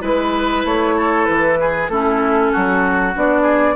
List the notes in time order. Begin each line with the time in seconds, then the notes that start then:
0.00 G#3 E4 B4
0.65 A3 C#5
0.97 A4
1.25 E3 B4
1.60 G#4
1.89 A3 C#4 E4 A4
2.52 F#3 F#4
3.15 B3 D4 D5
3.42 G#4